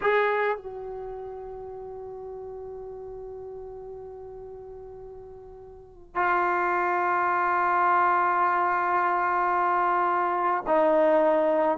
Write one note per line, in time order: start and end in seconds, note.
0.01 0.57 G#4
0.57 6.15 F#4
6.15 10.63 F4
10.67 11.78 D#4